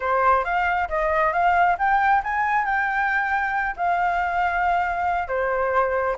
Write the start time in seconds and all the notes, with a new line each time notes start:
0.00 C5
0.44 F5
0.88 D#5
1.32 F5
1.78 G5
2.23 G#5
2.65 G5
3.76 F5
5.28 C5